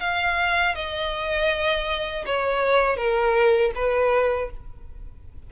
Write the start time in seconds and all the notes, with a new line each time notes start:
0.00 F5
0.75 D#5
2.26 C#5
2.97 A#4
3.75 B4